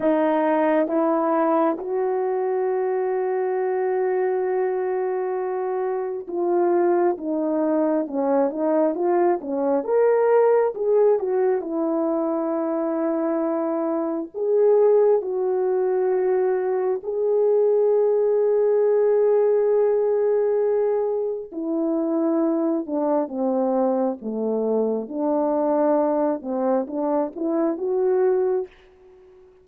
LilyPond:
\new Staff \with { instrumentName = "horn" } { \time 4/4 \tempo 4 = 67 dis'4 e'4 fis'2~ | fis'2. f'4 | dis'4 cis'8 dis'8 f'8 cis'8 ais'4 | gis'8 fis'8 e'2. |
gis'4 fis'2 gis'4~ | gis'1 | e'4. d'8 c'4 a4 | d'4. c'8 d'8 e'8 fis'4 | }